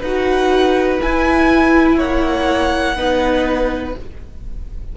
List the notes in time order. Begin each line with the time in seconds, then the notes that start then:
0.00 D#4 B4 F#5
0.06 F#4
1.00 E4 G#5
1.97 A#3 C#5 F#5
2.97 B3 D#4 B4